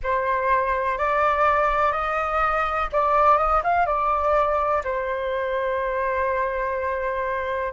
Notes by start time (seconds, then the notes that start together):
0.03 C5
0.98 D5
1.92 D#5
2.92 D5
3.37 D#5
3.63 F5
3.85 D5
4.84 C5